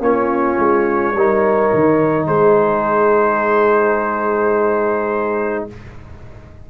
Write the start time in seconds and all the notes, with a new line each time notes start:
0.00 A#3 C#4 F4 C#5
0.58 G#3
1.14 G3 D#4 A#4
1.74 D#3
2.27 G#3 G#4 C5